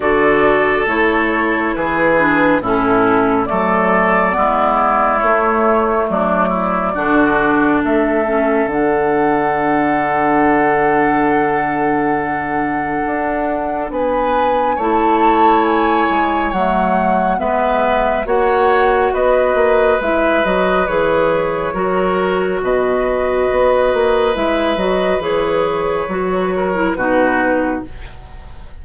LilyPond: <<
  \new Staff \with { instrumentName = "flute" } { \time 4/4 \tempo 4 = 69 d''4 cis''4 b'4 a'4 | d''2 cis''4 d''4~ | d''4 e''4 fis''2~ | fis''1 |
gis''4 a''4 gis''4 fis''4 | e''4 fis''4 dis''4 e''8 dis''8 | cis''2 dis''2 | e''8 dis''8 cis''2 b'4 | }
  \new Staff \with { instrumentName = "oboe" } { \time 4/4 a'2 gis'4 e'4 | a'4 e'2 d'8 e'8 | fis'4 a'2.~ | a'1 |
b'4 cis''2. | b'4 cis''4 b'2~ | b'4 ais'4 b'2~ | b'2~ b'8 ais'8 fis'4 | }
  \new Staff \with { instrumentName = "clarinet" } { \time 4/4 fis'4 e'4. d'8 cis'4 | a4 b4 a2 | d'4. cis'8 d'2~ | d'1~ |
d'4 e'2 a4 | b4 fis'2 e'8 fis'8 | gis'4 fis'2. | e'8 fis'8 gis'4 fis'8. e'16 dis'4 | }
  \new Staff \with { instrumentName = "bassoon" } { \time 4/4 d4 a4 e4 a,4 | fis4 gis4 a4 fis4 | d4 a4 d2~ | d2. d'4 |
b4 a4. gis8 fis4 | gis4 ais4 b8 ais8 gis8 fis8 | e4 fis4 b,4 b8 ais8 | gis8 fis8 e4 fis4 b,4 | }
>>